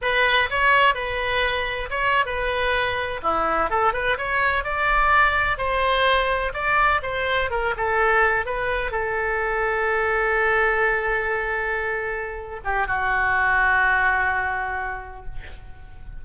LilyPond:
\new Staff \with { instrumentName = "oboe" } { \time 4/4 \tempo 4 = 126 b'4 cis''4 b'2 | cis''8. b'2 e'4 a'16~ | a'16 b'8 cis''4 d''2 c''16~ | c''4.~ c''16 d''4 c''4 ais'16~ |
ais'16 a'4. b'4 a'4~ a'16~ | a'1~ | a'2~ a'8 g'8 fis'4~ | fis'1 | }